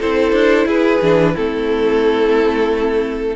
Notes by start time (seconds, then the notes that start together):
0.00 C4 E4 A4 C5
0.32 D4
0.66 E4 G#4 B4
1.02 E3 D4
1.34 A3 C4 E4 A4